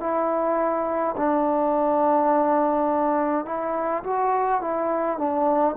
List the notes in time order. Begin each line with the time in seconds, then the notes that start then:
0.00 E4
1.17 D4
3.46 E4
4.04 F#4
4.62 E4
5.18 D4